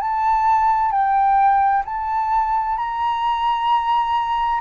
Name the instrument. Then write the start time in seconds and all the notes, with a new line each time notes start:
flute
0.00 A5
0.91 G5
1.85 A5
2.77 A#5